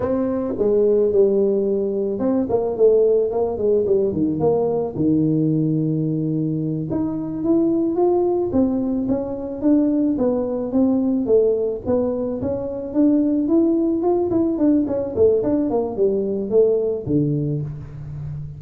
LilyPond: \new Staff \with { instrumentName = "tuba" } { \time 4/4 \tempo 4 = 109 c'4 gis4 g2 | c'8 ais8 a4 ais8 gis8 g8 dis8 | ais4 dis2.~ | dis8 dis'4 e'4 f'4 c'8~ |
c'8 cis'4 d'4 b4 c'8~ | c'8 a4 b4 cis'4 d'8~ | d'8 e'4 f'8 e'8 d'8 cis'8 a8 | d'8 ais8 g4 a4 d4 | }